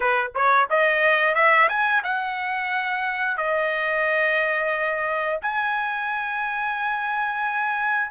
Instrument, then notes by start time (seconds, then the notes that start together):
trumpet
0.00 B4
0.34 C#5
0.70 D#5
1.34 E5
1.68 G#5
2.03 F#5
3.37 D#5
5.41 G#5